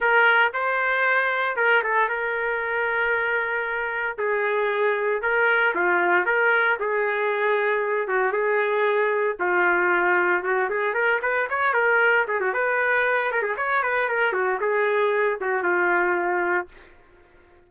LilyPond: \new Staff \with { instrumentName = "trumpet" } { \time 4/4 \tempo 4 = 115 ais'4 c''2 ais'8 a'8 | ais'1 | gis'2 ais'4 f'4 | ais'4 gis'2~ gis'8 fis'8 |
gis'2 f'2 | fis'8 gis'8 ais'8 b'8 cis''8 ais'4 gis'16 fis'16 | b'4. ais'16 gis'16 cis''8 b'8 ais'8 fis'8 | gis'4. fis'8 f'2 | }